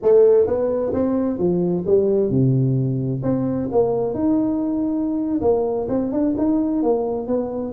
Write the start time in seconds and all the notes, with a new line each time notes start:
0.02 A3
0.46 B3
0.93 C4
1.38 F3
1.86 G3
2.30 C3
3.22 C4
3.71 A#3
4.13 D#4
5.41 A#3
5.88 C4
6.12 D4
6.37 D#4
6.82 A#3
7.27 B3